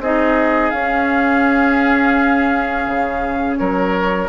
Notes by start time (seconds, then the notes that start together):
0.00 C4 D#4 G#4 D#5
0.71 C#4 F5
2.87 C#3
3.57 F#3 A#4 C#5